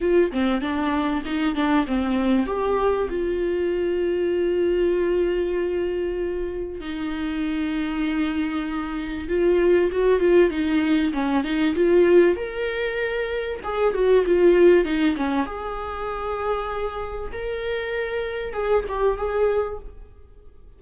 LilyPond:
\new Staff \with { instrumentName = "viola" } { \time 4/4 \tempo 4 = 97 f'8 c'8 d'4 dis'8 d'8 c'4 | g'4 f'2.~ | f'2. dis'4~ | dis'2. f'4 |
fis'8 f'8 dis'4 cis'8 dis'8 f'4 | ais'2 gis'8 fis'8 f'4 | dis'8 cis'8 gis'2. | ais'2 gis'8 g'8 gis'4 | }